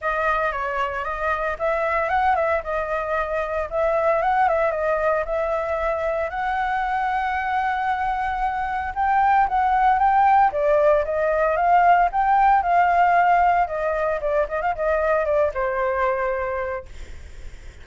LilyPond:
\new Staff \with { instrumentName = "flute" } { \time 4/4 \tempo 4 = 114 dis''4 cis''4 dis''4 e''4 | fis''8 e''8 dis''2 e''4 | fis''8 e''8 dis''4 e''2 | fis''1~ |
fis''4 g''4 fis''4 g''4 | d''4 dis''4 f''4 g''4 | f''2 dis''4 d''8 dis''16 f''16 | dis''4 d''8 c''2~ c''8 | }